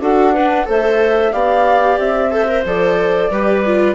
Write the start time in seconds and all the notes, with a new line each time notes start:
0.00 D4 F#4 A4 F#5
0.33 D4 B4
0.65 A3 A4 C5 E5
1.32 B3 G4 D5 F5
1.98 C4 E5
2.31 A4 C5
2.48 A#4
2.64 F3 A4 D5
3.30 G3 G4 B4
3.66 F4